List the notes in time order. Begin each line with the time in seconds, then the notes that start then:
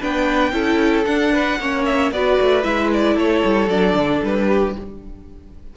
0.00 B3 D4 B4 G5
0.52 C#4 E4 A4
1.05 D4 F#5
1.33 B4
1.59 A#3 C#4 C#5
1.85 E5
2.12 B3 F#4 B4 D5
2.41 A3
2.63 G#3 E4 E5
2.93 D5
3.14 A3 A4 C#5
3.45 G3
3.69 F#3 D4 D5
3.94 D3
4.23 G3 B4
4.48 G4